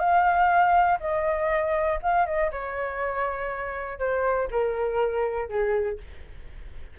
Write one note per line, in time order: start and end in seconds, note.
0.00 0.99 F5
1.00 1.99 D#5
2.03 2.26 F5
2.26 2.51 D#5
2.52 3.99 C#5
3.99 4.49 C5
4.51 5.49 A#4
5.49 5.99 G#4